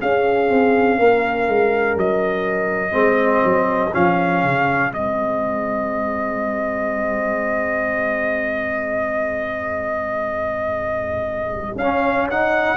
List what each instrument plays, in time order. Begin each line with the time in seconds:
0.00 trombone C#4, tuba C#4, horn G#4, trumpet F5
0.49 tuba C4
0.98 tuba A#3, horn A#4
1.47 tuba G#3
1.95 tuba F#3, trumpet D#5
2.91 tuba G#3, trombone C4, horn G#4
3.44 tuba F#3
3.93 tuba F3, trombone C#4, trumpet F5
4.43 tuba C#3
4.91 tuba G#3, trombone C4, trumpet D#5
11.75 tuba C#4, trumpet F5
11.82 trombone C#4
12.30 trombone D#4, trumpet F#5